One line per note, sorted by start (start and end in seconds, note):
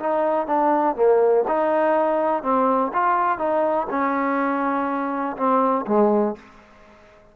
0.00 0.47 D#4
0.47 0.96 D4
0.96 1.45 A#3
1.48 2.43 D#4
2.43 2.92 C4
2.93 3.39 F4
3.39 3.87 D#4
3.90 5.37 C#4
5.37 5.86 C4
5.87 6.36 G#3